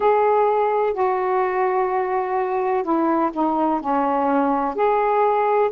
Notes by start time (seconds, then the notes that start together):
0.00 G#4
0.93 F#4
2.83 E4
3.33 D#4
3.81 C#4
4.74 G#4